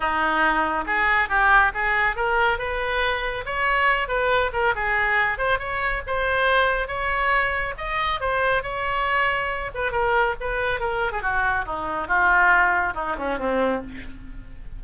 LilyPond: \new Staff \with { instrumentName = "oboe" } { \time 4/4 \tempo 4 = 139 dis'2 gis'4 g'4 | gis'4 ais'4 b'2 | cis''4. b'4 ais'8 gis'4~ | gis'8 c''8 cis''4 c''2 |
cis''2 dis''4 c''4 | cis''2~ cis''8 b'8 ais'4 | b'4 ais'8. gis'16 fis'4 dis'4 | f'2 dis'8 cis'8 c'4 | }